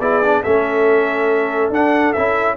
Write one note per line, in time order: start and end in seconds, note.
0.00 0.43 B3
0.00 0.23 E4
0.00 0.43 G#4
0.00 0.43 D5
0.23 0.45 D4
0.43 1.70 A3
0.43 1.73 C#4
0.43 2.56 A4
0.43 1.71 E5
1.70 2.12 D4
1.70 2.15 D4
1.70 2.13 F#5
2.13 2.57 C#4
2.13 2.57 E4
2.13 2.56 E5